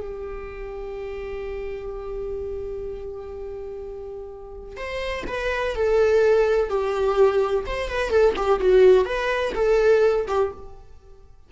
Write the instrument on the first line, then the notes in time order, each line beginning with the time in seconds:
viola
0.00 G4
4.76 C5
5.27 B4
5.75 A4
6.69 G4
7.66 C5
7.88 B4
8.10 A4
8.36 G4
8.60 F#4
9.05 B4
9.55 A4
10.27 G4